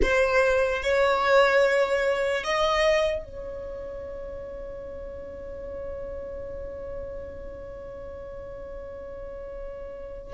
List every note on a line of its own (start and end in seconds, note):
0.02 0.82 C5
0.82 2.43 C#5
2.43 3.24 D#5
3.24 10.33 C#5